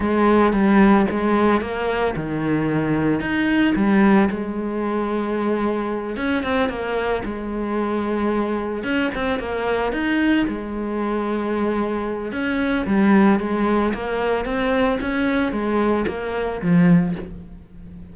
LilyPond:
\new Staff \with { instrumentName = "cello" } { \time 4/4 \tempo 4 = 112 gis4 g4 gis4 ais4 | dis2 dis'4 g4 | gis2.~ gis8 cis'8 | c'8 ais4 gis2~ gis8~ |
gis8 cis'8 c'8 ais4 dis'4 gis8~ | gis2. cis'4 | g4 gis4 ais4 c'4 | cis'4 gis4 ais4 f4 | }